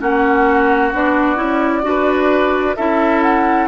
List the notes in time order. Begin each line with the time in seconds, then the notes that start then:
0.00 A#3 C#4 F#4 F#5
0.93 B3 D4 D5
1.36 C#4 E4
1.83 D4 F#4 B4
2.76 C#4 E4 A4 E5
3.22 F#5